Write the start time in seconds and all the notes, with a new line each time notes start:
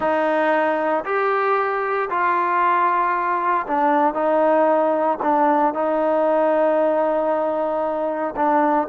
0.00 D#4
1.04 G4
2.10 F4
3.66 D4
4.14 D#4
5.22 D4
5.74 D#4
8.35 D4